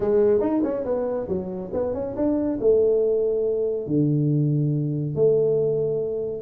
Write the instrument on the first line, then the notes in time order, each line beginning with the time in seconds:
tuba
0.00 G#3
0.40 D#4
0.63 C#4
0.84 B3
1.28 F#3
1.73 B3
1.93 C#4
2.15 D4
2.60 A3
3.86 D3
5.15 A3